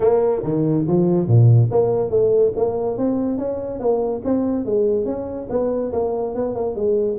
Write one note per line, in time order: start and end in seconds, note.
0.00 0.42 A#3
0.43 0.85 D#3
0.87 1.27 F3
1.27 1.69 A#2
1.71 2.10 A#3
2.10 2.52 A3
2.56 2.97 A#3
2.97 3.37 C4
3.37 3.79 C#4
3.79 4.21 A#3
4.24 4.65 C4
4.65 5.05 G#3
5.05 5.47 C#4
5.49 5.92 B3
5.92 6.34 A#3
6.34 6.55 B3
6.55 6.75 A#3
6.75 7.18 G#3